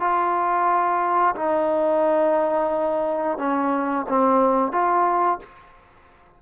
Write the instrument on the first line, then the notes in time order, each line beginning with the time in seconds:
trombone
0.00 F4
1.36 D#4
3.38 C#4
4.09 C4
4.72 F4